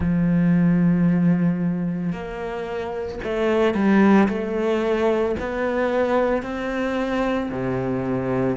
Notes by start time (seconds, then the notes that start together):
0.00 F3
2.12 A#3
3.23 A3
3.74 G3
4.28 A3
5.39 B3
6.42 C4
7.50 C3